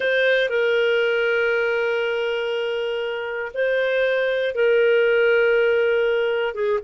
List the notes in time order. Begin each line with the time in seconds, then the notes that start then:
0.00 C5
0.49 A#4
3.54 C5
4.54 A#4
6.54 G#4